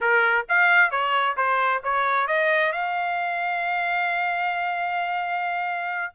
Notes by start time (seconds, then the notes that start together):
0.00 A#4
0.48 F5
0.90 C#5
1.36 C5
1.83 C#5
2.27 D#5
2.72 F5